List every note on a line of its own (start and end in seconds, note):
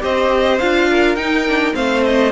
0.00 0.60 C4
0.00 0.58 G4
0.00 0.89 C5
0.00 0.59 D#5
0.59 1.16 D4
0.59 1.17 F4
0.59 1.16 F5
0.90 1.76 A#4
1.16 1.73 D#4
1.16 1.46 D#4
1.16 1.73 G5
1.48 1.73 D4
1.73 2.32 A3
1.73 2.30 C4
1.73 2.32 C5
1.73 2.04 F5
2.04 2.32 D#5